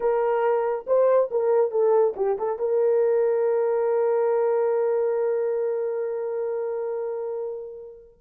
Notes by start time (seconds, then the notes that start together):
0.00 A#4
0.87 C5
1.30 A#4
1.71 A4
2.16 G4
2.38 A4
2.58 A#4